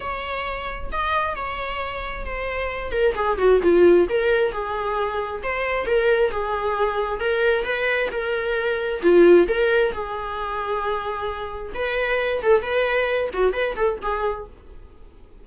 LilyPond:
\new Staff \with { instrumentName = "viola" } { \time 4/4 \tempo 4 = 133 cis''2 dis''4 cis''4~ | cis''4 c''4. ais'8 gis'8 fis'8 | f'4 ais'4 gis'2 | c''4 ais'4 gis'2 |
ais'4 b'4 ais'2 | f'4 ais'4 gis'2~ | gis'2 b'4. a'8 | b'4. fis'8 b'8 a'8 gis'4 | }